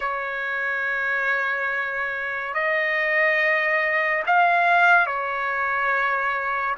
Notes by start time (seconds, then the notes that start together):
0.00 C#5
2.54 D#5
4.26 F5
5.06 C#5